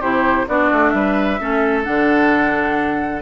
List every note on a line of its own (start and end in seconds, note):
0.00 0.47 C3
0.00 0.47 E4
0.00 0.46 G4
0.00 0.47 C5
0.48 0.70 B3
0.48 1.39 D4
0.48 0.94 F#4
0.48 0.90 D5
0.72 0.93 A3
0.90 1.39 G3
0.90 1.40 B4
0.90 1.81 E5
1.39 1.87 A3
1.39 1.83 C#4
1.39 3.21 A4
1.83 3.21 D3
1.83 3.21 D4
1.83 3.21 F#5